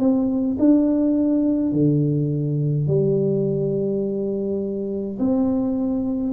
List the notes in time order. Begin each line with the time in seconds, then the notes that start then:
0.00 C4
0.59 D4
1.73 D3
2.88 G3
5.19 C4